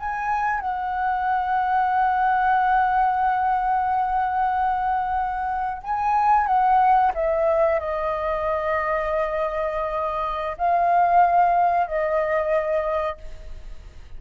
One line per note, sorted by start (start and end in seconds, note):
0.00 0.61 G#5
0.61 5.83 F#5
5.83 6.47 G#5
6.47 7.12 F#5
7.15 7.80 E5
7.80 10.57 D#5
10.58 11.88 F5
11.88 13.18 D#5